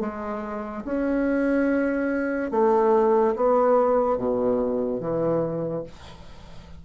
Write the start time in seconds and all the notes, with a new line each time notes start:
0.00 G#3
0.85 C#4
2.51 A3
3.36 B3
4.17 B2
5.00 E3